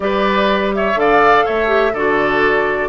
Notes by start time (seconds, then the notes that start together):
0.00 G3 G4 B4 D5
0.75 C#5 E5
0.95 D3 A4 D5 F5
1.45 A3 C#5 E5
1.67 G4
1.93 D3 F#4 A4 D5